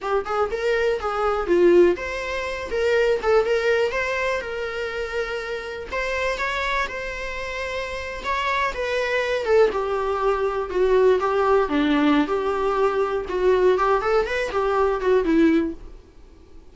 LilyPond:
\new Staff \with { instrumentName = "viola" } { \time 4/4 \tempo 4 = 122 g'8 gis'8 ais'4 gis'4 f'4 | c''4. ais'4 a'8 ais'4 | c''4 ais'2. | c''4 cis''4 c''2~ |
c''8. cis''4 b'4. a'8 g'16~ | g'4.~ g'16 fis'4 g'4 d'16~ | d'4 g'2 fis'4 | g'8 a'8 b'8 g'4 fis'8 e'4 | }